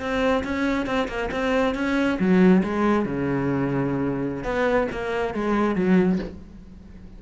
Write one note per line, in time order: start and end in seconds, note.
0.00 0.43 C4
0.44 0.86 C#4
0.86 1.08 C4
1.08 1.30 A#3
1.31 1.75 C4
1.75 2.18 C#4
2.19 2.63 F#3
2.64 3.05 G#3
3.05 4.44 C#3
4.44 4.88 B3
4.92 5.34 A#3
5.34 5.76 G#3
5.76 6.19 F#3